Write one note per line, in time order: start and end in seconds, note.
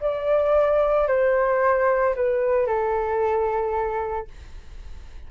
0.00 1.07 D5
1.07 2.14 C5
2.15 2.66 B4
2.66 4.27 A4